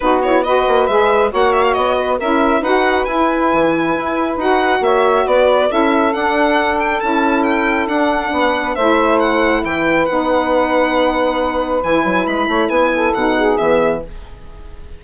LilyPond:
<<
  \new Staff \with { instrumentName = "violin" } { \time 4/4 \tempo 4 = 137 b'8 cis''8 dis''4 e''4 fis''8 e''16 f''16 | dis''4 e''4 fis''4 gis''4~ | gis''2 fis''4 e''4 | d''4 e''4 fis''4. g''8 |
a''4 g''4 fis''2 | e''4 fis''4 g''4 fis''4~ | fis''2. gis''4 | b''4 gis''4 fis''4 e''4 | }
  \new Staff \with { instrumentName = "saxophone" } { \time 4/4 fis'4 b'2 cis''4~ | cis''8 b'8 ais'4 b'2~ | b'2. cis''4 | b'4 a'2.~ |
a'2. b'4 | c''2 b'2~ | b'1~ | b'8 cis''8 b'8 a'4 gis'4. | }
  \new Staff \with { instrumentName = "saxophone" } { \time 4/4 dis'8 e'8 fis'4 gis'4 fis'4~ | fis'4 e'4 fis'4 e'4~ | e'2 fis'2~ | fis'4 e'4 d'2 |
e'2 d'2 | e'2. dis'4~ | dis'2. e'4~ | e'2 dis'4 b4 | }
  \new Staff \with { instrumentName = "bassoon" } { \time 4/4 b4. ais8 gis4 ais4 | b4 cis'4 dis'4 e'4 | e4 e'4 dis'4 ais4 | b4 cis'4 d'2 |
cis'2 d'4 b4 | a2 e4 b4~ | b2. e8 fis8 | gis8 a8 b4 b,4 e4 | }
>>